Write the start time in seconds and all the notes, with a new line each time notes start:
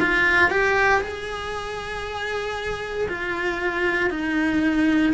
0.00 F4
0.50 G4
1.01 G#4
3.08 F4
4.10 D#4